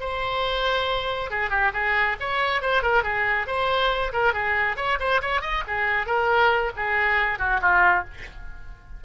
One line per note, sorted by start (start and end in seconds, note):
0.00 1.30 C5
1.30 1.50 G#4
1.50 1.72 G4
1.73 2.17 G#4
2.20 2.61 C#5
2.61 2.82 C5
2.82 3.03 A#4
3.03 3.47 G#4
3.47 4.12 C5
4.13 4.33 A#4
4.33 4.77 G#4
4.77 4.98 C#5
4.99 5.21 C5
5.22 5.42 C#5
5.42 5.63 D#5
5.67 6.06 G#4
6.06 6.72 A#4
6.76 7.39 G#4
7.39 7.61 F#4
7.61 8.05 F4